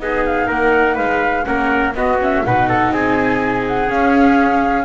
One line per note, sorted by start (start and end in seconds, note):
0.00 0.49 B3
0.00 1.45 D#4
0.00 0.47 G#4
0.00 0.25 D#5
0.26 0.50 F5
0.47 0.98 A#3
0.47 0.95 A#4
0.47 0.98 F#5
0.95 1.47 G#3
0.95 1.44 B4
0.95 1.45 F5
1.45 1.95 A#3
1.45 1.93 C#4
1.45 1.96 A#4
1.45 1.94 F#5
1.95 2.43 B3
1.95 2.20 B3
1.95 2.46 F#4
1.95 2.20 D#5
2.22 2.45 C#4
2.22 2.46 E5
2.45 2.92 B2
2.45 3.88 D#4
2.45 2.69 B4
2.45 2.93 F#5
2.69 2.93 A4
2.92 3.89 C4
2.92 4.86 G#4
2.92 3.66 G#5
3.68 3.91 F#5
3.88 4.85 C#4
3.88 4.86 C#4
3.88 4.86 F5